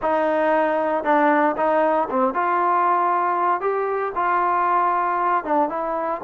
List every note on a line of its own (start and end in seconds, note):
0.02 1.04 D#4
1.04 1.55 D4
1.56 2.08 D#4
2.10 2.33 C4
2.33 3.60 F4
3.60 4.12 G4
4.15 5.44 F4
5.44 5.69 D4
5.69 6.21 E4